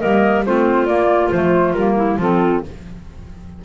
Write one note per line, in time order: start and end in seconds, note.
0.00 0.47 G3
0.00 0.45 A#3
0.00 0.44 A#4
0.00 0.43 D#5
0.46 0.87 A3
0.46 0.88 C4
0.46 1.96 F4
0.46 0.86 C5
0.86 1.31 A#3
0.86 1.32 A#3
0.86 1.29 D5
1.31 1.73 F3
1.31 1.77 A3
1.31 1.73 C5
1.73 2.17 G3
1.73 2.20 A#3
1.73 2.16 A#4
1.96 2.18 E4
2.17 2.61 F3
2.17 2.63 C4
2.17 2.62 F4
2.17 2.65 A4